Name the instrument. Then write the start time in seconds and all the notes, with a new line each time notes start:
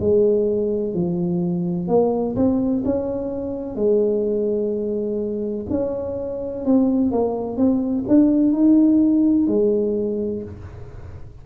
tuba
0.00 G#3
0.94 F3
1.88 A#3
2.36 C4
2.85 C#4
3.75 G#3
5.70 C#4
6.65 C4
7.12 A#3
7.57 C4
8.08 D4
8.52 D#4
9.47 G#3